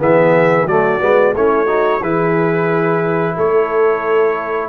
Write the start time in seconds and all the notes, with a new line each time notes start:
0.00 E3 B3 G#4 E5
0.65 F#3 A3 F#4 D5
1.00 G#3 B3
1.34 A3 C#4 E4 C#5
1.66 D#4 F#4
2.01 E3 E4 G#4 B4
3.37 A3 A4 C#5